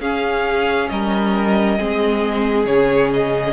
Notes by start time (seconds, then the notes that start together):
0.00 C#4 G#4 F5
0.90 G3 A#4 D#5
1.78 G#3 C4 G#4
2.66 C#3 C#4 C#5
3.14 D#5